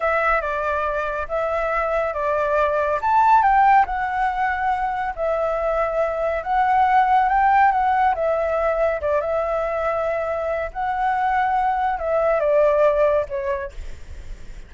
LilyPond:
\new Staff \with { instrumentName = "flute" } { \time 4/4 \tempo 4 = 140 e''4 d''2 e''4~ | e''4 d''2 a''4 | g''4 fis''2. | e''2. fis''4~ |
fis''4 g''4 fis''4 e''4~ | e''4 d''8 e''2~ e''8~ | e''4 fis''2. | e''4 d''2 cis''4 | }